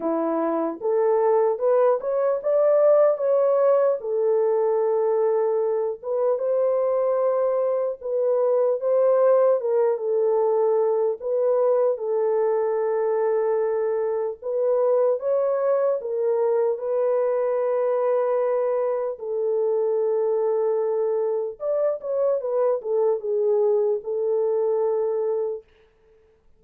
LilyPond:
\new Staff \with { instrumentName = "horn" } { \time 4/4 \tempo 4 = 75 e'4 a'4 b'8 cis''8 d''4 | cis''4 a'2~ a'8 b'8 | c''2 b'4 c''4 | ais'8 a'4. b'4 a'4~ |
a'2 b'4 cis''4 | ais'4 b'2. | a'2. d''8 cis''8 | b'8 a'8 gis'4 a'2 | }